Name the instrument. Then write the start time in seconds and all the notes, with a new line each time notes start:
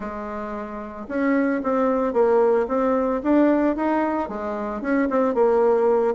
bassoon
0.00 G#3
1.08 C#4
1.63 C4
2.13 A#3
2.68 C4
3.23 D4
3.75 D#4
4.28 G#3
4.81 C#4
5.10 C4
5.34 A#3